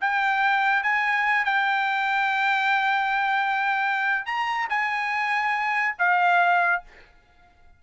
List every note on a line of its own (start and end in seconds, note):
0.00 0.83 G5
0.83 1.45 G#5
1.45 4.26 G5
4.26 4.68 A#5
4.69 5.95 G#5
5.98 6.82 F5